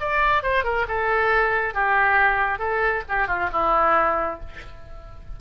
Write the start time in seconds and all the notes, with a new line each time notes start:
0.00 D5
0.43 C5
0.64 A#4
0.88 A4
1.74 G4
2.59 A4
3.09 G4
3.27 F4
3.52 E4